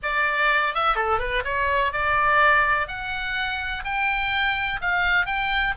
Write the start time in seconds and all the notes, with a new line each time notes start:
0.02 D5
0.74 E5
0.95 A4
1.19 B4
1.44 C#5
1.92 D5
2.87 F#5
3.84 G5
4.81 F5
5.26 G5